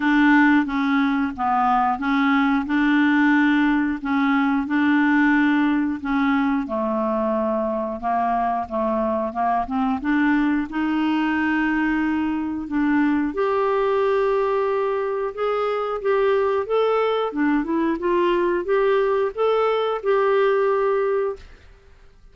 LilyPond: \new Staff \with { instrumentName = "clarinet" } { \time 4/4 \tempo 4 = 90 d'4 cis'4 b4 cis'4 | d'2 cis'4 d'4~ | d'4 cis'4 a2 | ais4 a4 ais8 c'8 d'4 |
dis'2. d'4 | g'2. gis'4 | g'4 a'4 d'8 e'8 f'4 | g'4 a'4 g'2 | }